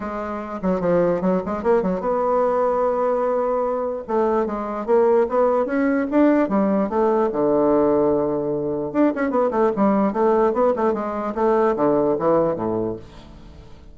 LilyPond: \new Staff \with { instrumentName = "bassoon" } { \time 4/4 \tempo 4 = 148 gis4. fis8 f4 fis8 gis8 | ais8 fis8 b2.~ | b2 a4 gis4 | ais4 b4 cis'4 d'4 |
g4 a4 d2~ | d2 d'8 cis'8 b8 a8 | g4 a4 b8 a8 gis4 | a4 d4 e4 a,4 | }